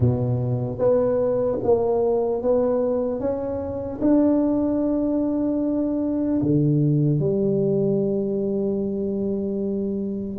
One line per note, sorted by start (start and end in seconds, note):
0.00 0.78 B2
0.78 1.58 B3
1.63 2.42 A#3
2.42 3.20 B3
3.20 4.00 C#4
4.01 6.41 D4
6.42 7.19 D3
7.19 10.38 G3